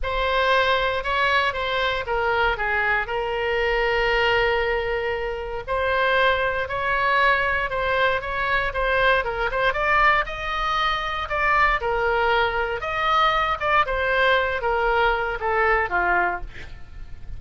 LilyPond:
\new Staff \with { instrumentName = "oboe" } { \time 4/4 \tempo 4 = 117 c''2 cis''4 c''4 | ais'4 gis'4 ais'2~ | ais'2. c''4~ | c''4 cis''2 c''4 |
cis''4 c''4 ais'8 c''8 d''4 | dis''2 d''4 ais'4~ | ais'4 dis''4. d''8 c''4~ | c''8 ais'4. a'4 f'4 | }